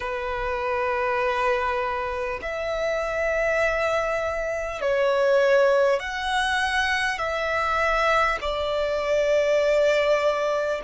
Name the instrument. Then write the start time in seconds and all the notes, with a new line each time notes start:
violin
0.00 B4
2.42 E5
4.81 C#5
5.99 F#5
7.18 E5
8.41 D5